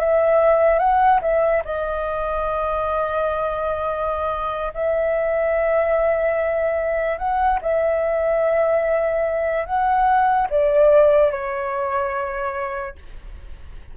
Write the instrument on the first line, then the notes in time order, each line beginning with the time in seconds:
flute
0.00 E5
0.79 F#5
1.22 E5
1.65 D#5
4.74 E5
7.18 F#5
7.62 E5
9.66 F#5
10.50 D5
11.32 C#5